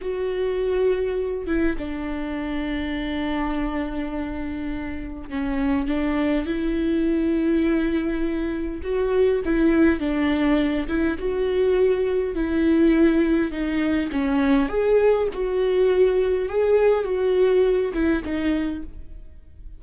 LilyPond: \new Staff \with { instrumentName = "viola" } { \time 4/4 \tempo 4 = 102 fis'2~ fis'8 e'8 d'4~ | d'1~ | d'4 cis'4 d'4 e'4~ | e'2. fis'4 |
e'4 d'4. e'8 fis'4~ | fis'4 e'2 dis'4 | cis'4 gis'4 fis'2 | gis'4 fis'4. e'8 dis'4 | }